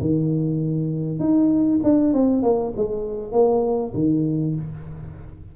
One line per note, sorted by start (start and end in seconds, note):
0.00 1.19 D#3
1.19 1.80 D#4
1.83 2.13 D4
2.13 2.42 C4
2.42 2.73 A#3
2.77 3.32 G#3
3.32 3.93 A#3
3.94 4.55 D#3